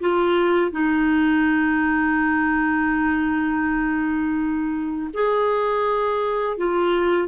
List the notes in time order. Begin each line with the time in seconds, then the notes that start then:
0.00 F4
0.71 D#4
5.14 G#4
6.57 F4